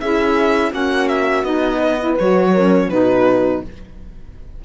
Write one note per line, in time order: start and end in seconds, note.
0.00 0.72 C#4
0.00 0.72 E4
0.00 0.72 G#4
0.00 0.72 E5
0.72 1.43 A#3
0.72 1.44 C#4
0.72 1.78 F#4
0.72 1.08 F#5
1.08 1.44 E5
1.43 2.16 B3
1.43 1.98 D#4
1.43 2.16 D#5
1.78 2.50 B4
2.00 2.18 E4
2.19 2.89 F#3
2.19 2.56 F#4
2.19 2.90 C#5
2.53 2.92 C#4
2.53 2.89 A#4
2.89 3.61 B2
2.89 3.64 D#4
2.89 3.64 F#4
2.89 3.62 B4